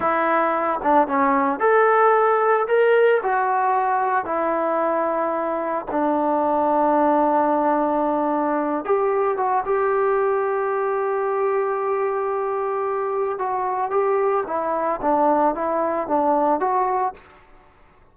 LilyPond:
\new Staff \with { instrumentName = "trombone" } { \time 4/4 \tempo 4 = 112 e'4. d'8 cis'4 a'4~ | a'4 ais'4 fis'2 | e'2. d'4~ | d'1~ |
d'8 g'4 fis'8 g'2~ | g'1~ | g'4 fis'4 g'4 e'4 | d'4 e'4 d'4 fis'4 | }